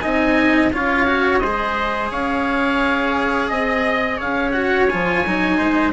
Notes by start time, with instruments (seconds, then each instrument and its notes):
0.00 bassoon C4, cello D#4, trumpet D#5, oboe G#5
0.72 bassoon C#4, cello F4, trumpet C#5, oboe F5
1.07 cello F#4
1.39 bassoon G#3, cello G#4, trumpet C5, oboe D#5
2.10 bassoon C#4, trumpet C#5, oboe F5
3.49 bassoon C4, trumpet D#5, oboe D#5
4.17 bassoon C#4, trumpet C#5, oboe F5
4.51 cello F#4, oboe F#5
4.89 bassoon F3, cello F4, oboe G#5
5.26 bassoon F#3, cello D#4
5.58 bassoon G#3, trumpet C5